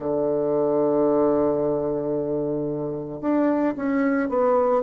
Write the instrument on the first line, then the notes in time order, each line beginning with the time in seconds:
bassoon
0.00 D3
3.21 D4
3.76 C#4
4.29 B3